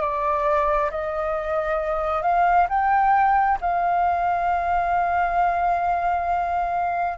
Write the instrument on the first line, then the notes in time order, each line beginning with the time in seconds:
flute
0.00 D5
0.90 D#5
2.22 F5
2.69 G5
3.61 F5